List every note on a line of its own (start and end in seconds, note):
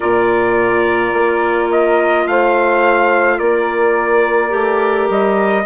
0.00 1.12 A#2
0.00 4.49 F4
0.00 2.25 A#4
0.00 1.70 D5
1.12 2.25 A#3
1.71 2.27 D#5
2.26 3.39 A3
2.26 3.37 C5
2.26 3.38 F5
3.37 4.53 A#3
3.37 5.63 A#4
3.37 5.08 D5
4.49 5.09 A3
4.49 5.62 G4
5.09 5.65 G3
5.09 5.65 D#5